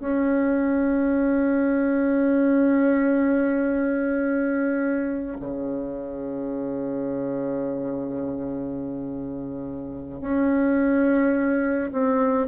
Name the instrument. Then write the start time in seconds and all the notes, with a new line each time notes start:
bassoon
0.00 C#4
5.41 C#3
10.21 C#4
11.92 C4